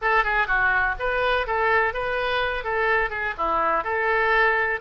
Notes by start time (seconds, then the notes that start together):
0.01 A4
0.24 G#4
0.47 F#4
0.99 B4
1.46 A4
1.93 B4
2.64 A4
3.10 G#4
3.37 E4
3.84 A4